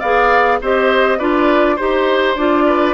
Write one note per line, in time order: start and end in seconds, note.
0.00 0.61 B3
0.00 0.62 G#4
0.00 0.59 D5
0.00 0.60 F5
0.61 1.20 C4
0.61 1.20 G4
0.61 1.19 C5
0.61 1.19 D#5
1.19 1.79 D4
1.19 1.78 F4
1.19 1.76 B4
1.19 1.78 D5
1.76 2.37 D#4
1.76 2.37 G4
1.76 2.64 C5
1.76 2.37 C5
2.37 2.94 D4
2.37 2.94 F4
2.37 2.94 D5
2.66 2.94 B4